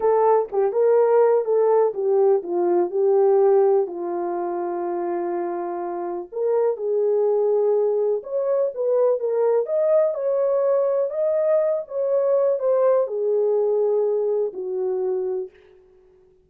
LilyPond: \new Staff \with { instrumentName = "horn" } { \time 4/4 \tempo 4 = 124 a'4 g'8 ais'4. a'4 | g'4 f'4 g'2 | f'1~ | f'4 ais'4 gis'2~ |
gis'4 cis''4 b'4 ais'4 | dis''4 cis''2 dis''4~ | dis''8 cis''4. c''4 gis'4~ | gis'2 fis'2 | }